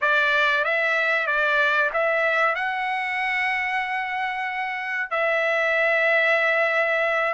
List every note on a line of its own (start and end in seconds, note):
0.01 0.64 D5
0.64 1.26 E5
1.26 1.90 D5
1.93 2.55 E5
2.55 5.10 F#5
5.10 7.33 E5